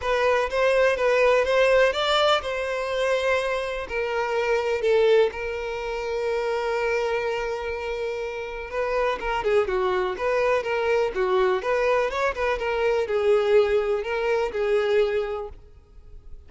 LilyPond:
\new Staff \with { instrumentName = "violin" } { \time 4/4 \tempo 4 = 124 b'4 c''4 b'4 c''4 | d''4 c''2. | ais'2 a'4 ais'4~ | ais'1~ |
ais'2 b'4 ais'8 gis'8 | fis'4 b'4 ais'4 fis'4 | b'4 cis''8 b'8 ais'4 gis'4~ | gis'4 ais'4 gis'2 | }